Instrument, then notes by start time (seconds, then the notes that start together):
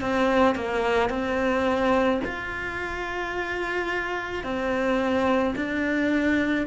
cello
0.00 C4
0.55 A#3
1.09 C4
2.24 F4
4.43 C4
5.55 D4